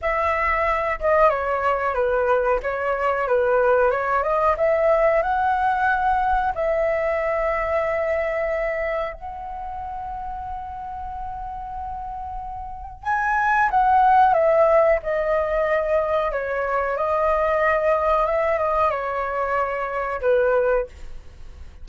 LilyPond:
\new Staff \with { instrumentName = "flute" } { \time 4/4 \tempo 4 = 92 e''4. dis''8 cis''4 b'4 | cis''4 b'4 cis''8 dis''8 e''4 | fis''2 e''2~ | e''2 fis''2~ |
fis''1 | gis''4 fis''4 e''4 dis''4~ | dis''4 cis''4 dis''2 | e''8 dis''8 cis''2 b'4 | }